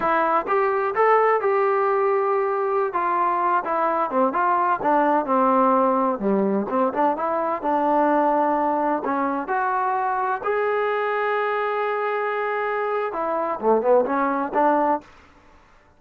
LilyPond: \new Staff \with { instrumentName = "trombone" } { \time 4/4 \tempo 4 = 128 e'4 g'4 a'4 g'4~ | g'2~ g'16 f'4. e'16~ | e'8. c'8 f'4 d'4 c'8.~ | c'4~ c'16 g4 c'8 d'8 e'8.~ |
e'16 d'2. cis'8.~ | cis'16 fis'2 gis'4.~ gis'16~ | gis'1 | e'4 a8 b8 cis'4 d'4 | }